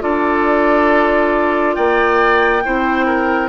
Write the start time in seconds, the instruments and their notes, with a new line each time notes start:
0.00 bassoon D4, clarinet F4, oboe A4, flute D5
1.74 bassoon A#3, oboe D5, flute G5
2.64 bassoon C4, clarinet E4, oboe C5
3.05 oboe A#4